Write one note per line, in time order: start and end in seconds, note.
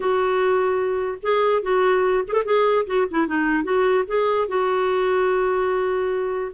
0.00 1.18 F#4
1.22 1.62 G#4
1.62 2.23 F#4
2.28 2.33 G#4
2.28 2.43 A4
2.44 2.85 G#4
2.86 3.06 F#4
3.10 3.27 E4
3.27 3.63 D#4
3.63 4.04 F#4
4.07 4.47 G#4
4.48 6.52 F#4